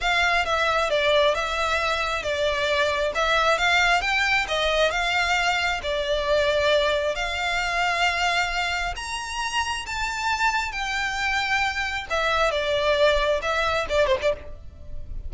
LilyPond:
\new Staff \with { instrumentName = "violin" } { \time 4/4 \tempo 4 = 134 f''4 e''4 d''4 e''4~ | e''4 d''2 e''4 | f''4 g''4 dis''4 f''4~ | f''4 d''2. |
f''1 | ais''2 a''2 | g''2. e''4 | d''2 e''4 d''8 c''16 d''16 | }